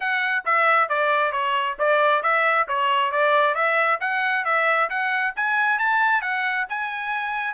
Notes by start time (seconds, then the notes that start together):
0.00 F#5
0.45 E5
0.88 D5
1.32 C#5
1.78 D5
2.22 E5
2.67 C#5
3.11 D5
3.54 E5
4.00 F#5
4.44 E5
4.89 F#5
5.36 G#5
5.79 A5
6.21 F#5
6.69 G#5